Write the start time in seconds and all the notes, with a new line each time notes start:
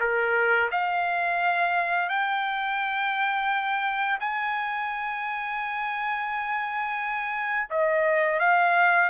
0.00 A#4
0.71 F5
2.09 G5
4.20 G#5
7.70 D#5
8.40 F5